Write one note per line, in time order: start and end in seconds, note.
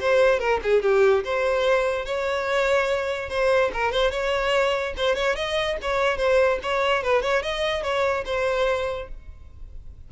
0.00 0.39 C5
0.39 0.60 A#4
0.63 0.82 G#4
0.82 1.24 G4
1.24 2.05 C5
2.05 3.29 C#5
3.29 3.71 C5
3.73 3.92 A#4
3.92 4.11 C5
4.11 4.94 C#5
4.97 5.15 C5
5.15 5.35 C#5
5.35 5.77 D#5
5.82 6.17 C#5
6.17 6.59 C5
6.63 7.03 C#5
7.03 7.22 B4
7.22 7.42 C#5
7.42 7.83 D#5
7.83 8.24 C#5
8.25 9.08 C5